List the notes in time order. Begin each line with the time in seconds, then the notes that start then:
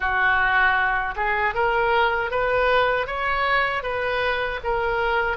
0.00 F#4
1.15 G#4
1.54 A#4
2.30 B4
3.06 C#5
3.83 B4
4.63 A#4